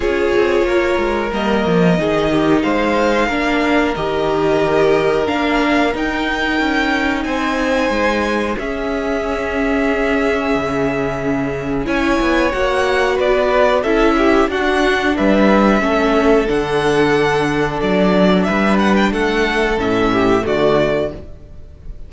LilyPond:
<<
  \new Staff \with { instrumentName = "violin" } { \time 4/4 \tempo 4 = 91 cis''2 dis''2 | f''2 dis''2 | f''4 g''2 gis''4~ | gis''4 e''2.~ |
e''2 gis''4 fis''4 | d''4 e''4 fis''4 e''4~ | e''4 fis''2 d''4 | e''8 fis''16 g''16 fis''4 e''4 d''4 | }
  \new Staff \with { instrumentName = "violin" } { \time 4/4 gis'4 ais'2 gis'8 g'8 | c''4 ais'2.~ | ais'2. c''4~ | c''4 gis'2.~ |
gis'2 cis''2 | b'4 a'8 g'8 fis'4 b'4 | a'1 | b'4 a'4. g'8 fis'4 | }
  \new Staff \with { instrumentName = "viola" } { \time 4/4 f'2 ais4 dis'4~ | dis'4 d'4 g'2 | d'4 dis'2.~ | dis'4 cis'2.~ |
cis'2 e'4 fis'4~ | fis'4 e'4 d'2 | cis'4 d'2.~ | d'2 cis'4 a4 | }
  \new Staff \with { instrumentName = "cello" } { \time 4/4 cis'8 c'8 ais8 gis8 g8 f8 dis4 | gis4 ais4 dis2 | ais4 dis'4 cis'4 c'4 | gis4 cis'2. |
cis2 cis'8 b8 ais4 | b4 cis'4 d'4 g4 | a4 d2 fis4 | g4 a4 a,4 d4 | }
>>